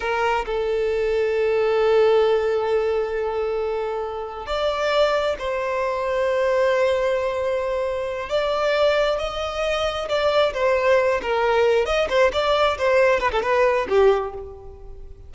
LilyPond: \new Staff \with { instrumentName = "violin" } { \time 4/4 \tempo 4 = 134 ais'4 a'2.~ | a'1~ | a'2 d''2 | c''1~ |
c''2~ c''8 d''4.~ | d''8 dis''2 d''4 c''8~ | c''4 ais'4. dis''8 c''8 d''8~ | d''8 c''4 b'16 a'16 b'4 g'4 | }